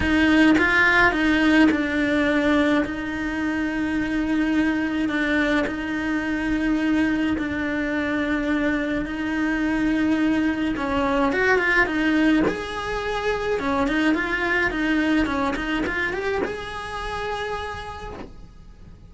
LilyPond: \new Staff \with { instrumentName = "cello" } { \time 4/4 \tempo 4 = 106 dis'4 f'4 dis'4 d'4~ | d'4 dis'2.~ | dis'4 d'4 dis'2~ | dis'4 d'2. |
dis'2. cis'4 | fis'8 f'8 dis'4 gis'2 | cis'8 dis'8 f'4 dis'4 cis'8 dis'8 | f'8 g'8 gis'2. | }